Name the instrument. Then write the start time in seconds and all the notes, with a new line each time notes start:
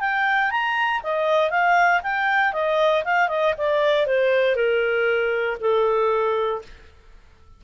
clarinet
0.00 G5
0.51 A#5
1.03 D#5
1.51 F5
2.03 G5
2.53 D#5
3.04 F5
3.29 D#5
3.58 D5
4.07 C5
4.56 A#4
5.60 A4